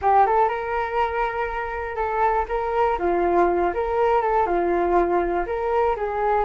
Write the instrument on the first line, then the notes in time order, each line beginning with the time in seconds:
flute
0.01 G4
0.26 A4
0.48 A#4
1.95 A4
2.48 A#4
2.98 F4
3.74 A#4
4.21 A4
4.46 F4
5.46 A#4
5.96 G#4